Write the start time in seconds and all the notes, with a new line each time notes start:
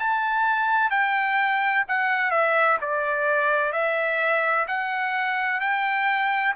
0.00 A5
0.91 G5
1.88 F#5
2.31 E5
2.81 D5
3.73 E5
4.68 F#5
5.61 G5